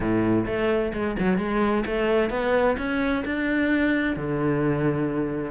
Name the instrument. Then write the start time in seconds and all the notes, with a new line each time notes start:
cello
0.00 A2
0.46 A3
0.93 G#3
1.19 F#3
1.38 G#3
1.86 A3
2.30 B3
2.77 C#4
3.25 D4
4.16 D3